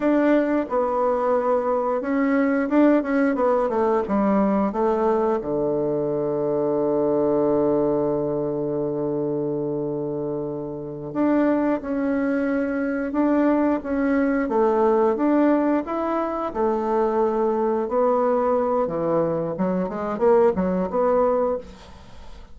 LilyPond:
\new Staff \with { instrumentName = "bassoon" } { \time 4/4 \tempo 4 = 89 d'4 b2 cis'4 | d'8 cis'8 b8 a8 g4 a4 | d1~ | d1~ |
d8 d'4 cis'2 d'8~ | d'8 cis'4 a4 d'4 e'8~ | e'8 a2 b4. | e4 fis8 gis8 ais8 fis8 b4 | }